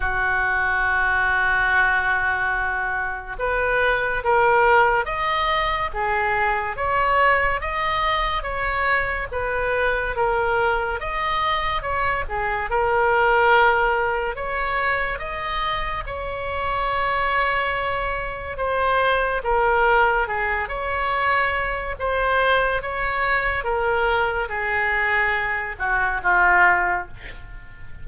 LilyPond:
\new Staff \with { instrumentName = "oboe" } { \time 4/4 \tempo 4 = 71 fis'1 | b'4 ais'4 dis''4 gis'4 | cis''4 dis''4 cis''4 b'4 | ais'4 dis''4 cis''8 gis'8 ais'4~ |
ais'4 cis''4 dis''4 cis''4~ | cis''2 c''4 ais'4 | gis'8 cis''4. c''4 cis''4 | ais'4 gis'4. fis'8 f'4 | }